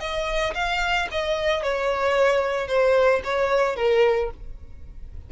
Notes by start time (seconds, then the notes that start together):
0.00 D#5
0.55 F5
1.12 D#5
1.63 C#5
2.68 C5
3.24 C#5
3.76 A#4